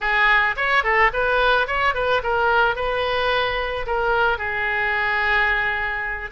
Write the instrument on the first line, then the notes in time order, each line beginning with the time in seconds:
oboe
0.00 G#4
0.56 C#5
0.83 A4
1.13 B4
1.67 C#5
1.94 B4
2.23 A#4
2.75 B4
3.86 A#4
4.38 G#4